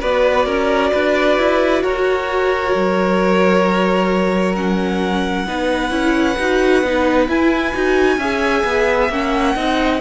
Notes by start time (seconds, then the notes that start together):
0.00 B3 F#4 B4 D5
0.45 C#4 A#4
0.91 D4 B4
1.37 E4
1.82 F#4 A#4 C#5
2.74 F#3
4.55 C#4 F#5
5.46 B3 D#4 B4
5.90 C#4 E4
6.38 D#4 F#4
6.82 B3 D#4
7.28 E4 G#5
7.73 D#4 F#4
8.17 C#4 G#4 E5
8.63 B3
9.09 A#3 C#4 F#5
9.55 C4 D#4 D#5